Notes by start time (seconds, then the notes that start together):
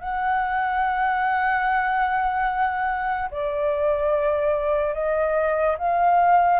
0.00 F#5
3.31 D5
4.94 D#5
5.78 F5